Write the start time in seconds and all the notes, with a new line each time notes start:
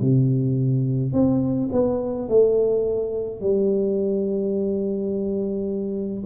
0.00 C3
1.12 C4
1.72 B3
2.28 A3
3.40 G3